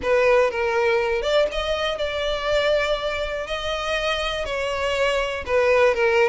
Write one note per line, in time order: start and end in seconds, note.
0.02 0.50 B4
0.50 1.21 A#4
1.21 1.46 D5
1.51 1.97 D#5
1.97 3.46 D5
3.46 4.45 D#5
4.45 5.44 C#5
5.45 5.94 B4
5.94 6.29 A#4